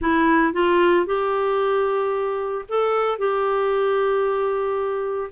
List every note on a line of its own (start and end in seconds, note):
0.01 0.53 E4
0.53 1.05 F4
1.05 2.65 G4
2.69 3.18 A4
3.18 5.30 G4